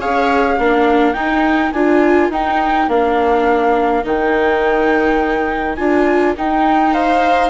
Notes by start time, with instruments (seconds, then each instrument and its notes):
0.00 bassoon C#4, viola G#4 C#5, flute F5
0.58 bassoon A#3, viola D4 A#4
1.13 bassoon D#4, viola D#4, flute G5
1.72 bassoon D4, viola F4, flute G#5
2.29 bassoon D#4, viola D#4, flute G5
2.88 bassoon A#3, viola D4, flute F5
4.04 bassoon D#3, viola D#4, flute G5
5.75 bassoon D4, viola F4, flute G#5
6.37 viola D#4, bassoon D#4, flute G5
6.93 viola C5, flute F5